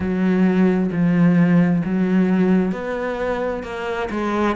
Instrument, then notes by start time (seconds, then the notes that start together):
cello
0.00 F#3
0.91 F3
1.84 F#3
2.72 B3
3.63 A#3
4.10 G#3